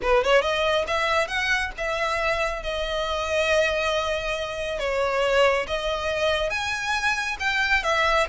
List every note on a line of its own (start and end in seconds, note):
0.02 0.24 B4
0.24 0.41 C#5
0.41 0.85 D#5
0.87 1.27 E5
1.27 1.71 F#5
1.77 2.63 E5
2.63 4.79 D#5
4.79 5.66 C#5
5.67 6.50 D#5
6.50 7.37 G#5
7.39 7.83 G5
7.83 8.26 E5